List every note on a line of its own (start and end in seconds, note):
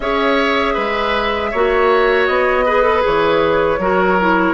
0.00 0.75 C#4
0.00 1.53 G#4
0.00 0.74 C#5
0.00 2.26 E5
0.74 1.52 G#3
0.74 1.50 B4
1.51 2.28 A#3
1.51 2.66 F#4
1.51 2.65 C#5
2.26 3.04 B3
2.26 3.02 D#5
2.65 2.82 G#4
2.65 3.79 B4
2.82 3.01 A4
3.01 3.78 E3
3.01 3.77 G#4
3.01 4.53 C#5
3.78 4.53 F#3
3.78 4.18 F#4
3.78 4.53 A#4
4.20 4.53 E4